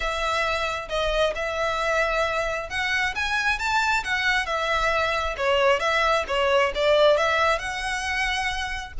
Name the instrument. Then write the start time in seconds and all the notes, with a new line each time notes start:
violin
0.00 E5
0.88 D#5
1.35 E5
2.69 F#5
3.15 G#5
3.59 A5
4.04 F#5
4.46 E5
5.37 C#5
5.79 E5
6.27 C#5
6.74 D5
7.17 E5
7.58 F#5